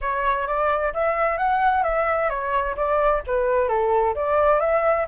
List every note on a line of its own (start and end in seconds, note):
0.01 0.47 C#5
0.47 0.93 D5
0.93 1.37 E5
1.37 1.83 F#5
1.83 2.29 E5
2.29 2.75 C#5
2.76 3.22 D5
3.26 3.68 B4
3.68 4.14 A4
4.15 4.60 D5
4.60 5.06 E5